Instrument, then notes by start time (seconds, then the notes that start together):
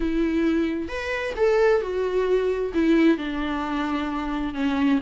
viola
0.00 E4
0.88 B4
1.36 A4
1.81 F#4
2.74 E4
3.17 D4
4.54 C#4